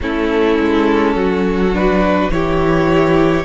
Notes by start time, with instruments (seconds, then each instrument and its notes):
0.00 cello A3, viola C#4, violin E4 A4
0.59 cello G#3
1.15 cello F#3, violin F#4
1.73 viola D4, violin B4
2.29 cello E3, viola E4, violin G4 C#5